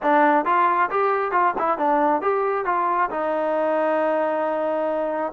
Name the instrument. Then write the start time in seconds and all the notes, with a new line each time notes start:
trombone
0.02 D4
0.45 F4
0.90 G4
1.31 F4
1.58 E4
1.78 D4
2.21 G4
2.65 F4
3.10 D#4